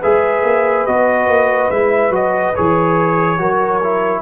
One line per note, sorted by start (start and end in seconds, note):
0.00 0.43 G#3
0.00 0.87 G#4
0.00 3.38 B4
0.00 0.86 E5
0.43 0.86 A#3
0.86 1.27 B3
0.86 1.72 F#4
0.86 1.71 D#5
1.27 1.69 A#3
1.71 2.10 G#3
1.71 2.11 E4
1.71 2.13 E5
2.10 2.52 F#3
2.10 2.54 F#4
2.10 2.55 D#5
2.55 3.40 E3
2.55 3.38 G#4
2.55 4.22 C#5
3.38 4.22 F#3
3.38 3.81 F#4
3.38 4.22 A#4
3.83 4.22 E4